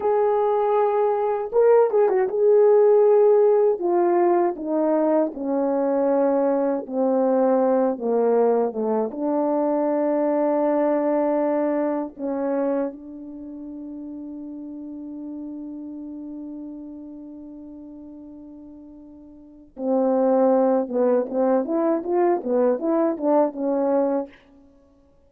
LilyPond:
\new Staff \with { instrumentName = "horn" } { \time 4/4 \tempo 4 = 79 gis'2 ais'8 gis'16 fis'16 gis'4~ | gis'4 f'4 dis'4 cis'4~ | cis'4 c'4. ais4 a8 | d'1 |
cis'4 d'2.~ | d'1~ | d'2 c'4. b8 | c'8 e'8 f'8 b8 e'8 d'8 cis'4 | }